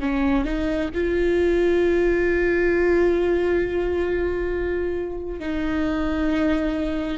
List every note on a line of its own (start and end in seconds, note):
0.00 0.45 C#4
0.45 0.90 D#4
0.94 5.40 F4
5.40 7.18 D#4